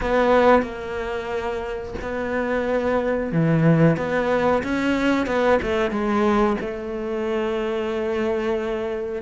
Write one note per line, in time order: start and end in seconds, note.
0.01 0.62 B3
0.62 1.94 A#3
2.02 3.32 B3
3.32 3.96 E3
3.96 4.62 B3
4.63 5.26 C#4
5.26 5.59 B3
5.62 5.90 A3
5.90 6.56 G#3
6.60 9.22 A3